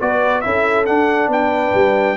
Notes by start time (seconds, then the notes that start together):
0.00 B3 F#4 B4 D5
0.41 C#4 E4 A4 E5
0.86 D4 F#5
1.28 B3 B4 G5
1.74 G3